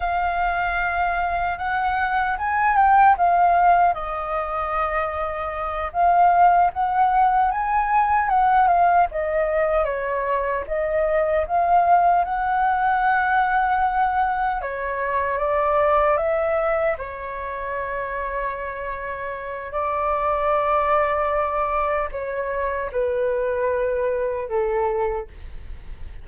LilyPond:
\new Staff \with { instrumentName = "flute" } { \time 4/4 \tempo 4 = 76 f''2 fis''4 gis''8 g''8 | f''4 dis''2~ dis''8 f''8~ | f''8 fis''4 gis''4 fis''8 f''8 dis''8~ | dis''8 cis''4 dis''4 f''4 fis''8~ |
fis''2~ fis''8 cis''4 d''8~ | d''8 e''4 cis''2~ cis''8~ | cis''4 d''2. | cis''4 b'2 a'4 | }